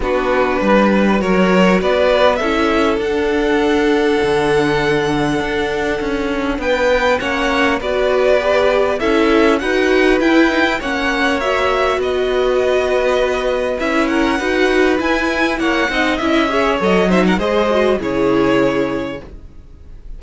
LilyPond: <<
  \new Staff \with { instrumentName = "violin" } { \time 4/4 \tempo 4 = 100 b'2 cis''4 d''4 | e''4 fis''2.~ | fis''2. g''4 | fis''4 d''2 e''4 |
fis''4 g''4 fis''4 e''4 | dis''2. e''8 fis''8~ | fis''4 gis''4 fis''4 e''4 | dis''8 e''16 fis''16 dis''4 cis''2 | }
  \new Staff \with { instrumentName = "violin" } { \time 4/4 fis'4 b'4 ais'4 b'4 | a'1~ | a'2. b'4 | cis''4 b'2 a'4 |
b'2 cis''2 | b'2.~ b'8 ais'8 | b'2 cis''8 dis''4 cis''8~ | cis''8 c''16 ais'16 c''4 gis'2 | }
  \new Staff \with { instrumentName = "viola" } { \time 4/4 d'2 fis'2 | e'4 d'2.~ | d'1 | cis'4 fis'4 g'4 e'4 |
fis'4 e'8 dis'16 e'16 cis'4 fis'4~ | fis'2. e'4 | fis'4 e'4. dis'8 e'8 gis'8 | a'8 dis'8 gis'8 fis'8 e'2 | }
  \new Staff \with { instrumentName = "cello" } { \time 4/4 b4 g4 fis4 b4 | cis'4 d'2 d4~ | d4 d'4 cis'4 b4 | ais4 b2 cis'4 |
dis'4 e'4 ais2 | b2. cis'4 | dis'4 e'4 ais8 c'8 cis'4 | fis4 gis4 cis2 | }
>>